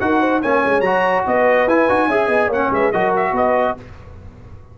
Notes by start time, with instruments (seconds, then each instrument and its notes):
0.00 tuba D#4, trombone F#4, horn A#4, trumpet F#5
0.20 horn C5
0.42 tuba A#3, trombone C#4, horn C#5, trumpet G#5
0.65 tuba G#3
0.81 tuba F#3, trombone F#4, trumpet A#5
1.26 tuba B3, horn B4, trumpet D#5
1.67 tuba E4, trombone E4, trumpet G#5
1.89 tuba D#4, trombone F#4
2.07 tuba C#4, trombone G#4, horn E5
2.28 tuba B3, horn D#5
2.48 tuba A#3, trombone C#4, horn C#5, trumpet F#5
2.71 tuba G#3, horn B4, trumpet E5
2.92 tuba F#3, trombone F#4, horn A#4, trumpet D#5
3.16 trumpet E5
3.31 tuba B3, horn B4, trumpet D#5